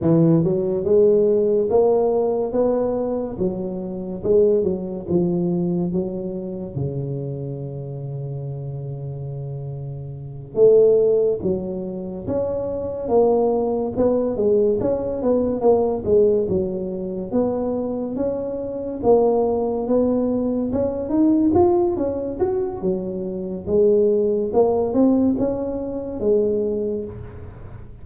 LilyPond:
\new Staff \with { instrumentName = "tuba" } { \time 4/4 \tempo 4 = 71 e8 fis8 gis4 ais4 b4 | fis4 gis8 fis8 f4 fis4 | cis1~ | cis8 a4 fis4 cis'4 ais8~ |
ais8 b8 gis8 cis'8 b8 ais8 gis8 fis8~ | fis8 b4 cis'4 ais4 b8~ | b8 cis'8 dis'8 f'8 cis'8 fis'8 fis4 | gis4 ais8 c'8 cis'4 gis4 | }